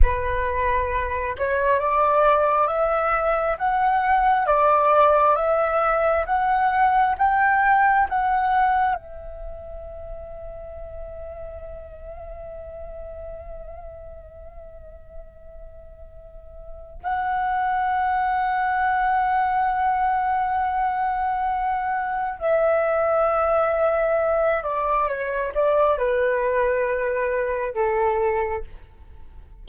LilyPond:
\new Staff \with { instrumentName = "flute" } { \time 4/4 \tempo 4 = 67 b'4. cis''8 d''4 e''4 | fis''4 d''4 e''4 fis''4 | g''4 fis''4 e''2~ | e''1~ |
e''2. fis''4~ | fis''1~ | fis''4 e''2~ e''8 d''8 | cis''8 d''8 b'2 a'4 | }